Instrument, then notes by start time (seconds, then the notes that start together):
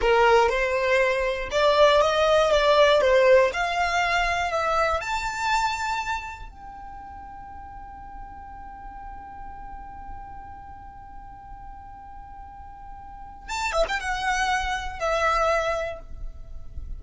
violin
0.01 A#4
0.49 C5
1.51 D5
2.01 D#5
2.51 D5
3.01 C5
3.53 F5
4.51 E5
5.00 A5
6.49 G5
13.49 A5
13.72 E5
13.88 G5
14.00 F#5
14.99 E5